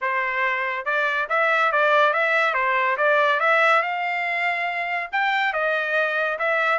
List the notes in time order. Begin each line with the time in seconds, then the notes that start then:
0.01 C5
0.85 D5
1.29 E5
1.71 D5
2.13 E5
2.54 C5
2.97 D5
3.40 E5
3.82 F5
5.11 G5
5.53 D#5
6.38 E5